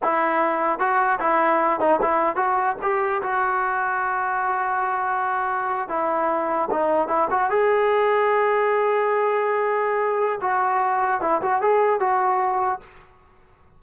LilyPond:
\new Staff \with { instrumentName = "trombone" } { \time 4/4 \tempo 4 = 150 e'2 fis'4 e'4~ | e'8 dis'8 e'4 fis'4 g'4 | fis'1~ | fis'2~ fis'8. e'4~ e'16~ |
e'8. dis'4 e'8 fis'8 gis'4~ gis'16~ | gis'1~ | gis'2 fis'2 | e'8 fis'8 gis'4 fis'2 | }